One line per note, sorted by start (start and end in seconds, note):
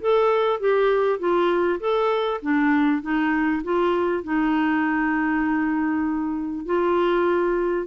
0.00 0.60 A4
0.60 1.19 G4
1.19 1.80 F4
1.80 2.40 A4
2.42 3.02 D4
3.02 3.62 D#4
3.64 4.23 F4
4.23 6.65 D#4
6.65 7.87 F4